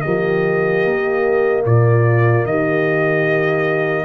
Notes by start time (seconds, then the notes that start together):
0.00 F3 A#3 G4 D#5
0.84 A#3
1.65 A#2 F4 D5
2.45 D#3 G4 D#5